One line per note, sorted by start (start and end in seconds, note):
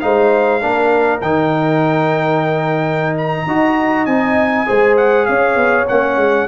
0.00 0.62 G#3
0.00 0.61 D#4
0.00 0.62 C5
0.00 1.20 F5
0.61 1.22 A#3
0.61 1.21 D4
0.61 3.46 A#4
1.21 3.46 D#3
1.21 3.48 D#4
1.21 3.16 G5
3.17 4.05 A#5
3.46 4.06 D#4
3.46 4.08 F#4
3.46 4.66 D#5
4.05 4.66 C4
4.05 4.66 D#4
4.05 4.95 G#5
4.66 5.29 G#3
4.66 5.86 G#4
4.66 5.27 C5
4.97 5.26 F#5
5.26 5.55 C#4
5.26 6.47 C#5
5.26 5.86 F5
5.55 5.86 B3
5.88 6.16 A#3
5.88 6.47 C#4
5.88 6.47 F#5
6.16 6.46 G#3